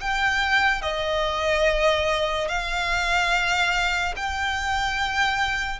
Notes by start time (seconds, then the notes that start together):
0.00 G5
0.81 D#5
2.48 F5
4.16 G5